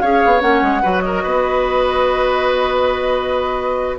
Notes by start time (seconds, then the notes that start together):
0.00 C#4 G#4 C#5 F5
0.25 B3
0.40 A#3 C#4 F#5
0.62 G#3
0.81 F#3 F#4 B4
1.00 A#4 D#5
1.23 B3 B4